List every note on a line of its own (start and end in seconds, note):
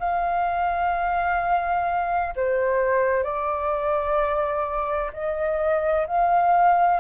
0.00 2.34 F5
2.36 3.23 C5
3.23 5.11 D5
5.13 6.07 D#5
6.07 7.01 F5